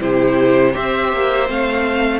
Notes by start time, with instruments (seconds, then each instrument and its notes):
0.00 cello C3, viola E4, violin G4 C5
0.72 cello C4, viola G4, violin C5 E5
1.13 cello A#3
1.47 cello A3, viola C4, violin F5